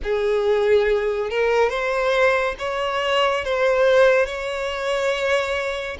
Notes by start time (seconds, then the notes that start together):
0.03 G#4
1.30 A#4
1.69 C5
2.59 C#5
3.44 C5
4.25 C#5